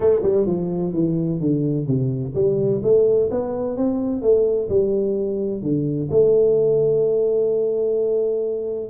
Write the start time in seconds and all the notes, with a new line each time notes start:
0.00 A3
0.22 G3
0.46 F3
0.93 E3
1.40 D3
1.86 C3
2.35 G3
2.83 A3
3.30 B3
3.76 C4
4.22 A3
4.69 G3
5.62 D3
6.10 A3